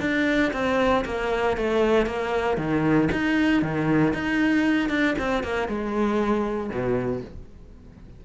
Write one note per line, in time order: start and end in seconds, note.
0.00 0.52 D4
0.52 1.04 C4
1.05 1.57 A#3
1.57 2.06 A3
2.06 2.57 A#3
2.57 3.08 D#3
3.11 3.62 D#4
3.62 4.13 D#3
4.13 4.89 D#4
4.89 5.15 D4
5.18 5.43 C4
5.43 5.68 A#3
5.68 6.69 G#3
6.69 7.21 B2